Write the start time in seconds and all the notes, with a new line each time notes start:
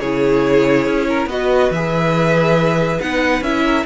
0.00 C#3 E4 G#4 C#5
0.87 C#4
1.09 A#4
1.27 B3 F#4 B4 D#5
1.71 E3 G#4 E5
3.00 B3 D#4 F#5
3.41 C#4 E4 E5
3.64 A#4